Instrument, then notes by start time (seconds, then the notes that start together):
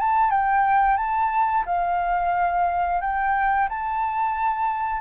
flute
0.00 A5
0.31 G5
0.97 A5
1.66 F5
3.02 G5
3.69 A5